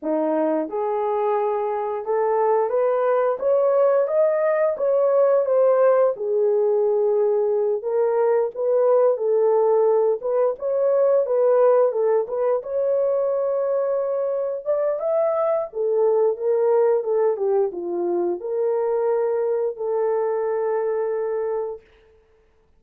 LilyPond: \new Staff \with { instrumentName = "horn" } { \time 4/4 \tempo 4 = 88 dis'4 gis'2 a'4 | b'4 cis''4 dis''4 cis''4 | c''4 gis'2~ gis'8 ais'8~ | ais'8 b'4 a'4. b'8 cis''8~ |
cis''8 b'4 a'8 b'8 cis''4.~ | cis''4. d''8 e''4 a'4 | ais'4 a'8 g'8 f'4 ais'4~ | ais'4 a'2. | }